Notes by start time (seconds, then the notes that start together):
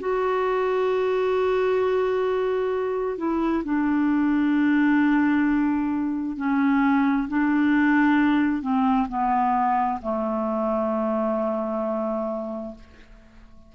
0.00 F#4
3.17 E4
3.64 D4
6.37 C#4
7.28 D4
8.62 C4
9.08 B3
10.02 A3